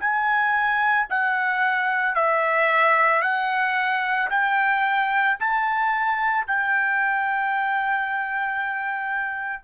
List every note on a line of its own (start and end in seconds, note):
0.00 1.07 G#5
1.10 2.15 F#5
2.15 3.22 E5
3.22 4.29 F#5
4.30 5.37 G5
5.40 6.47 A5
6.47 9.64 G5